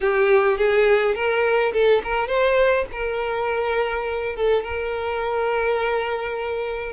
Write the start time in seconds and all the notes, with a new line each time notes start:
0.00 G4
0.57 G#4
1.14 A#4
1.73 A4
2.03 A#4
2.27 C5
2.92 A#4
4.36 A4
4.63 A#4